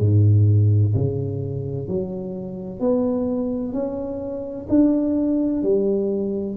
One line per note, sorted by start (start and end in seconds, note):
0.00 0.94 G#2
0.94 1.87 C#3
1.87 2.80 F#3
2.80 3.73 B3
3.73 4.66 C#4
4.69 5.62 D4
5.62 6.56 G3